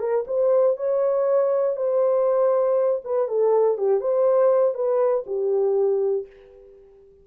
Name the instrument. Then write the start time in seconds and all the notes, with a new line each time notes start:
horn
0.00 A#4
0.27 C5
0.77 C#5
1.77 C5
3.05 B4
3.28 A4
3.78 G4
4.00 C5
4.75 B4
5.27 G4